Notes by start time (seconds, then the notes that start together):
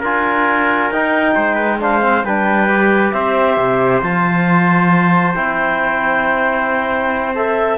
0.00 D4 F4 A#4 G#5
0.91 D#4 G5
1.35 G#3 C5
1.54 B4
1.79 D4 C5 F5
2.01 C4
2.24 G3 D4 B4 G5
2.69 G4
3.12 C4 C5 E5
3.57 C3
4.02 F3 F4 A5
5.35 C4 E4 G5
7.35 A4 E5